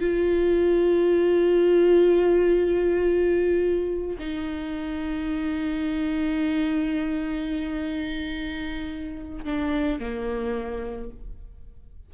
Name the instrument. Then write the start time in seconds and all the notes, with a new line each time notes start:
viola
0.00 F4
4.19 D#4
9.44 D4
9.99 A#3